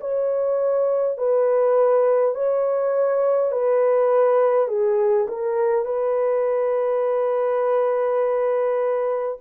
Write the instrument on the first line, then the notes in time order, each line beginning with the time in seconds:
horn
0.00 C#5
1.18 B4
2.35 C#5
3.52 B4
4.68 G#4
5.28 A#4
5.85 B4